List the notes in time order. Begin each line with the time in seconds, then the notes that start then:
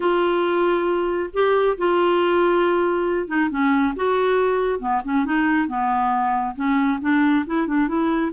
0.00 F4
1.33 G4
1.77 F4
3.27 D#4
3.50 C#4
3.95 F#4
4.79 B3
5.04 C#4
5.25 D#4
5.67 B3
6.55 C#4
7.01 D4
7.46 E4
7.67 D4
7.88 E4